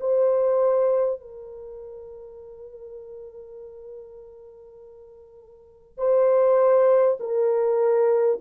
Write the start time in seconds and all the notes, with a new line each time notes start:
0.00 C5
1.21 A#4
5.98 C5
7.20 A#4